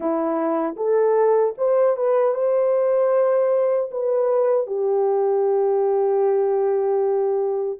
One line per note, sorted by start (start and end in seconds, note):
0.00 0.75 E4
0.76 1.54 A4
1.57 1.96 C5
1.96 2.34 B4
2.34 3.90 C5
3.91 4.66 B4
4.66 7.78 G4